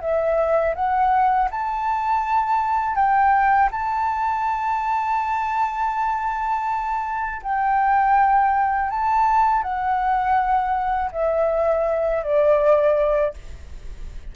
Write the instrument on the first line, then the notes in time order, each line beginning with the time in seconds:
flute
0.00 E5
0.74 F#5
1.51 A5
2.95 G5
3.71 A5
7.42 G5
8.90 A5
9.62 F#5
11.11 E5
12.22 D5